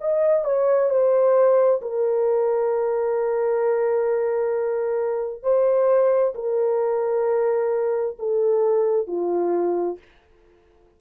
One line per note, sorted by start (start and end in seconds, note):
0.00 0.44 D#5
0.44 0.90 C#5
0.90 1.81 C5
1.81 5.42 A#4
5.42 6.33 C5
6.35 8.17 A#4
8.18 9.07 A4
9.07 9.98 F4